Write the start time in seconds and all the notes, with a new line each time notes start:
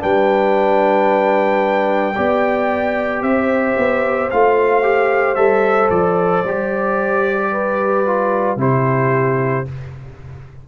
0.00 G3 D4 B4 G5
2.16 B3 G4 D5
3.23 C4 C5 E5
3.77 B3
4.31 A3 F4 F5
4.83 G4
5.35 G3 A4 E5
5.90 F3 D5
6.45 G3 G4
7.52 B4
8.07 F4
8.57 C3 E4 G4 C5